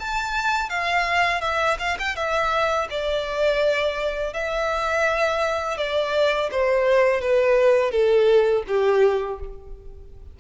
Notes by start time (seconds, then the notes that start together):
0.00 A5
0.70 F5
1.42 E5
1.80 F5
1.99 G5
2.16 E5
2.90 D5
4.34 E5
5.78 D5
6.52 C5
7.22 B4
7.92 A4
8.68 G4